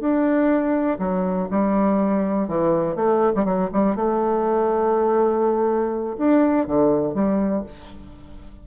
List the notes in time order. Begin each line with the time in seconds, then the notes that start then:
0.00 D4
0.99 F#3
1.51 G3
2.48 E3
2.96 A3
3.35 G3
3.45 F#3
3.73 G3
3.95 A3
6.18 D4
6.67 D3
7.14 G3